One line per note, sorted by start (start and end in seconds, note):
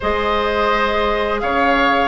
0.00 1.42 G#3
0.00 2.07 G#4
0.00 1.40 C5
0.00 1.40 D#5
1.40 2.07 C#3
1.40 2.07 C#5
1.40 2.07 F5